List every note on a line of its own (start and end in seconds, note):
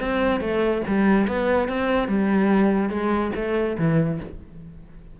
0.00 0.41 C4
0.41 0.82 A3
0.87 1.27 G3
1.27 1.69 B3
1.69 2.08 C4
2.08 2.90 G3
2.90 3.31 G#3
3.35 3.77 A3
3.78 4.20 E3